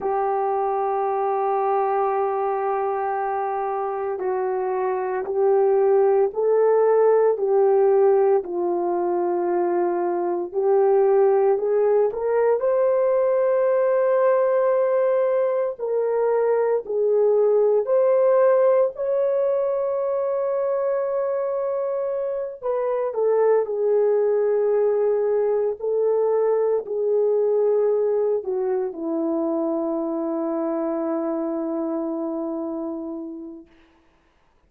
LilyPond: \new Staff \with { instrumentName = "horn" } { \time 4/4 \tempo 4 = 57 g'1 | fis'4 g'4 a'4 g'4 | f'2 g'4 gis'8 ais'8 | c''2. ais'4 |
gis'4 c''4 cis''2~ | cis''4. b'8 a'8 gis'4.~ | gis'8 a'4 gis'4. fis'8 e'8~ | e'1 | }